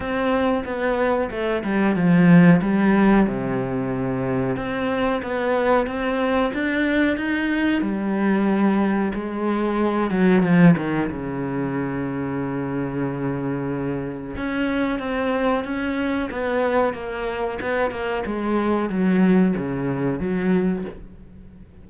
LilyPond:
\new Staff \with { instrumentName = "cello" } { \time 4/4 \tempo 4 = 92 c'4 b4 a8 g8 f4 | g4 c2 c'4 | b4 c'4 d'4 dis'4 | g2 gis4. fis8 |
f8 dis8 cis2.~ | cis2 cis'4 c'4 | cis'4 b4 ais4 b8 ais8 | gis4 fis4 cis4 fis4 | }